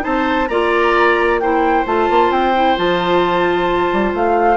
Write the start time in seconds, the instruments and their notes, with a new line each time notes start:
0.00 bassoon C4, clarinet D#4, oboe C5, flute A5
0.48 bassoon A#3, clarinet F4, oboe D5, flute A#5
1.39 clarinet E4, oboe C5, flute G5
1.85 bassoon A3, clarinet F4, flute A5
2.10 bassoon A#3
2.30 bassoon C4, flute G5
2.54 clarinet E4
2.76 bassoon F3, clarinet F4, flute A5
3.92 bassoon G3
4.13 bassoon A3, flute F5